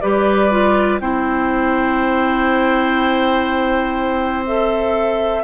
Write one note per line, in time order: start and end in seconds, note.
0.00 1.00 G3
0.00 0.51 G4
0.00 1.00 B4
0.00 0.98 D5
0.51 1.00 F4
1.00 5.42 C4
1.00 4.45 E4
1.00 5.43 C5
1.00 4.44 G5
4.46 5.43 A4
4.46 5.43 E5